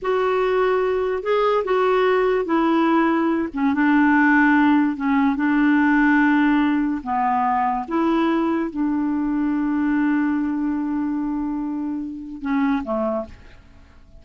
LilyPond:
\new Staff \with { instrumentName = "clarinet" } { \time 4/4 \tempo 4 = 145 fis'2. gis'4 | fis'2 e'2~ | e'8 cis'8 d'2. | cis'4 d'2.~ |
d'4 b2 e'4~ | e'4 d'2.~ | d'1~ | d'2 cis'4 a4 | }